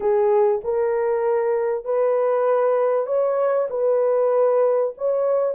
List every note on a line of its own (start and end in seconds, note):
0.00 0.61 G#4
0.64 1.84 A#4
1.84 3.06 B4
3.06 3.68 C#5
3.70 4.93 B4
4.97 5.54 C#5